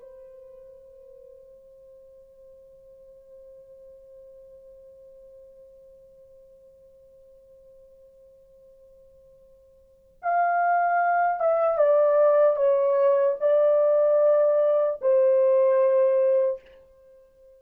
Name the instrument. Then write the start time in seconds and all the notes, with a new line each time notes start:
horn
0.00 C5
10.22 F5
11.40 E5
11.77 D5
12.56 C#5
13.40 D5
15.01 C5